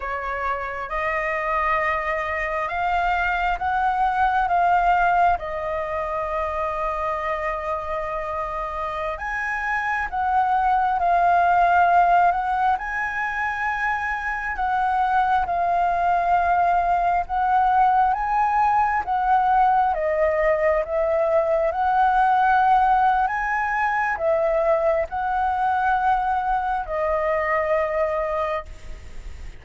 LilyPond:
\new Staff \with { instrumentName = "flute" } { \time 4/4 \tempo 4 = 67 cis''4 dis''2 f''4 | fis''4 f''4 dis''2~ | dis''2~ dis''16 gis''4 fis''8.~ | fis''16 f''4. fis''8 gis''4.~ gis''16~ |
gis''16 fis''4 f''2 fis''8.~ | fis''16 gis''4 fis''4 dis''4 e''8.~ | e''16 fis''4.~ fis''16 gis''4 e''4 | fis''2 dis''2 | }